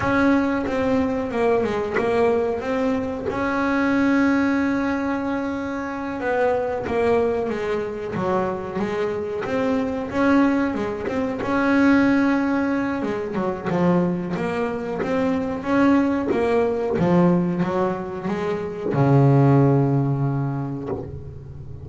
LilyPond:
\new Staff \with { instrumentName = "double bass" } { \time 4/4 \tempo 4 = 92 cis'4 c'4 ais8 gis8 ais4 | c'4 cis'2.~ | cis'4. b4 ais4 gis8~ | gis8 fis4 gis4 c'4 cis'8~ |
cis'8 gis8 c'8 cis'2~ cis'8 | gis8 fis8 f4 ais4 c'4 | cis'4 ais4 f4 fis4 | gis4 cis2. | }